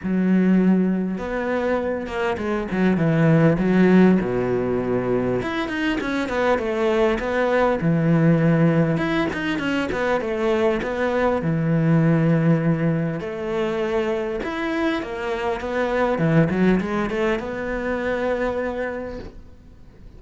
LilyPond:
\new Staff \with { instrumentName = "cello" } { \time 4/4 \tempo 4 = 100 fis2 b4. ais8 | gis8 fis8 e4 fis4 b,4~ | b,4 e'8 dis'8 cis'8 b8 a4 | b4 e2 e'8 dis'8 |
cis'8 b8 a4 b4 e4~ | e2 a2 | e'4 ais4 b4 e8 fis8 | gis8 a8 b2. | }